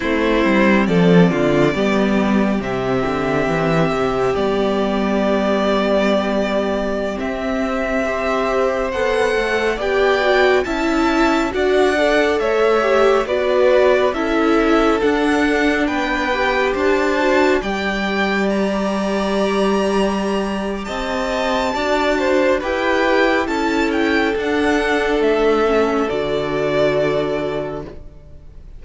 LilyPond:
<<
  \new Staff \with { instrumentName = "violin" } { \time 4/4 \tempo 4 = 69 c''4 d''2 e''4~ | e''4 d''2.~ | d''16 e''2 fis''4 g''8.~ | g''16 a''4 fis''4 e''4 d''8.~ |
d''16 e''4 fis''4 g''4 a''8.~ | a''16 g''4 ais''2~ ais''8. | a''2 g''4 a''8 g''8 | fis''4 e''4 d''2 | }
  \new Staff \with { instrumentName = "violin" } { \time 4/4 e'4 a'8 f'8 g'2~ | g'1~ | g'4~ g'16 c''2 d''8.~ | d''16 e''4 d''4 cis''4 b'8.~ |
b'16 a'2 b'4 c''8.~ | c''16 d''2.~ d''8. | dis''4 d''8 c''8 b'4 a'4~ | a'1 | }
  \new Staff \with { instrumentName = "viola" } { \time 4/4 c'2 b4 c'4~ | c'4 b2.~ | b16 c'4 g'4 a'4 g'8 fis'16~ | fis'16 e'4 fis'8 a'4 g'8 fis'8.~ |
fis'16 e'4 d'4. g'4 fis'16~ | fis'16 g'2.~ g'8.~ | g'4 fis'4 g'4 e'4 | d'4. cis'8 fis'2 | }
  \new Staff \with { instrumentName = "cello" } { \time 4/4 a8 g8 f8 d8 g4 c8 d8 | e8 c8 g2.~ | g16 c'2 b8 a8 b8.~ | b16 cis'4 d'4 a4 b8.~ |
b16 cis'4 d'4 b4 d'8.~ | d'16 g2.~ g8. | c'4 d'4 e'4 cis'4 | d'4 a4 d2 | }
>>